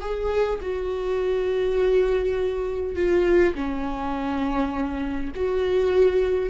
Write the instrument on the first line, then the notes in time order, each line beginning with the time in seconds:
viola
0.00 G#4
0.61 F#4
2.95 F4
3.55 C#4
5.35 F#4